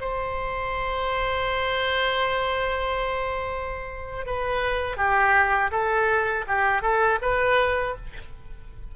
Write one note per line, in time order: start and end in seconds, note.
0.00 4.26 C5
4.26 4.96 B4
4.96 5.71 G4
5.71 6.45 A4
6.47 6.82 G4
6.82 7.19 A4
7.21 7.95 B4